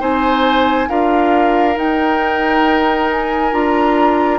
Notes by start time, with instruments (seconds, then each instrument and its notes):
0.00 bassoon C4, clarinet D#4, oboe C5, flute G#5
0.88 bassoon D4, clarinet F4, oboe A#4, flute F5
1.75 clarinet D#4, bassoon D#4, flute G5
3.11 flute G#5
3.52 bassoon D4, clarinet F4, flute A#5